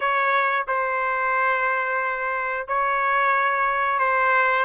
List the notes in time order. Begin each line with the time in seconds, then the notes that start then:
0.00 C#5
0.67 C5
2.67 C#5
3.99 C5